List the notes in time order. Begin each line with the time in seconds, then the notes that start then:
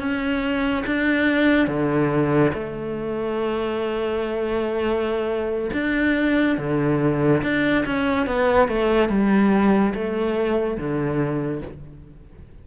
0.00 C#4
0.86 D4
1.67 D3
2.54 A3
5.73 D4
6.58 D3
7.43 D4
7.86 C#4
8.27 B3
8.69 A3
9.09 G3
9.94 A3
10.77 D3